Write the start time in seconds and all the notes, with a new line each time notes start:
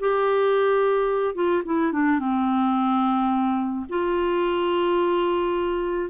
0.00 G4
1.35 F4
1.65 E4
1.92 D4
2.19 C4
3.89 F4